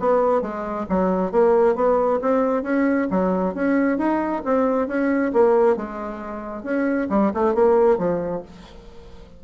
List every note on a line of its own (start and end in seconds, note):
0.00 0.42 B3
0.42 0.86 G#3
0.90 1.32 F#3
1.32 1.76 A#3
1.76 2.20 B3
2.22 2.63 C4
2.63 3.08 C#4
3.11 3.55 F#3
3.55 3.98 C#4
3.98 4.43 D#4
4.45 4.88 C4
4.88 5.33 C#4
5.34 5.77 A#3
5.77 6.64 G#3
6.64 7.08 C#4
7.10 7.32 G3
7.35 7.55 A3
7.55 7.98 A#3
7.98 8.43 F3